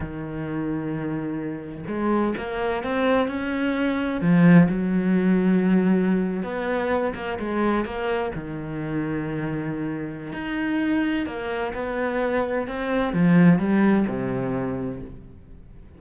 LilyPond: \new Staff \with { instrumentName = "cello" } { \time 4/4 \tempo 4 = 128 dis1 | gis4 ais4 c'4 cis'4~ | cis'4 f4 fis2~ | fis4.~ fis16 b4. ais8 gis16~ |
gis8. ais4 dis2~ dis16~ | dis2 dis'2 | ais4 b2 c'4 | f4 g4 c2 | }